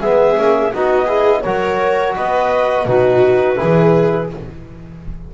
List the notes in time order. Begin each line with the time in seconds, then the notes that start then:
0.00 G#3 B3 G#4 E5
0.36 A#3 C#4
0.72 B3 D#4 F#4 D#5
1.06 E4 G#4
1.42 F#3 F#4 A#4 C#5
2.16 B3 B4 D#5
2.85 B2 D#4 F#4 B4
3.55 E4 G#4
3.62 E3